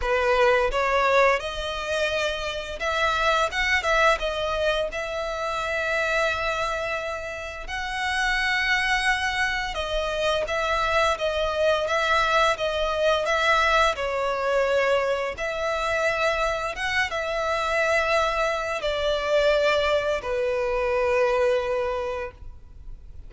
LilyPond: \new Staff \with { instrumentName = "violin" } { \time 4/4 \tempo 4 = 86 b'4 cis''4 dis''2 | e''4 fis''8 e''8 dis''4 e''4~ | e''2. fis''4~ | fis''2 dis''4 e''4 |
dis''4 e''4 dis''4 e''4 | cis''2 e''2 | fis''8 e''2~ e''8 d''4~ | d''4 b'2. | }